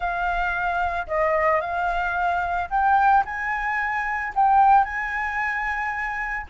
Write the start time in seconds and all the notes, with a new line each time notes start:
0.00 F5
1.07 D#5
1.61 F5
2.70 G5
3.25 G#5
4.35 G5
4.84 G#5